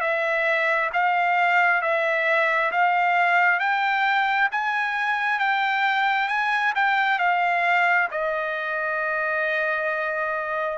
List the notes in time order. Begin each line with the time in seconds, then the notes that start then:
0.00 E5
0.93 F5
1.81 E5
2.72 F5
3.59 G5
4.51 G#5
5.39 G5
6.28 G#5
6.75 G5
7.18 F5
8.11 D#5